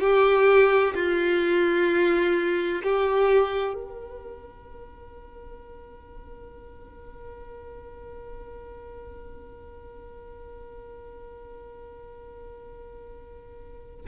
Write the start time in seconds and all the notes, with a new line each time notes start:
0.00 G4
0.94 F4
2.83 G4
3.74 A#4